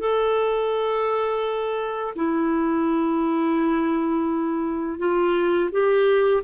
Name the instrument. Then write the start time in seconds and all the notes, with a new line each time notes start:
clarinet
0.00 A4
2.16 E4
4.99 F4
5.72 G4